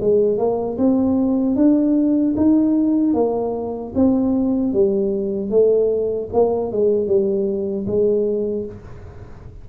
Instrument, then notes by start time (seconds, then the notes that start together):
tuba
0.00 G#3
0.38 A#3
0.78 C4
1.55 D4
2.36 D#4
3.14 A#3
3.94 C4
4.73 G3
5.50 A3
6.33 A#3
6.71 G#3
7.07 G3
7.86 G#3